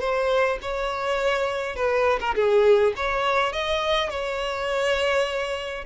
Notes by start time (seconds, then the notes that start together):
0.00 C5
0.62 C#5
1.76 B4
2.20 A#4
2.35 G#4
2.96 C#5
3.52 D#5
4.10 C#5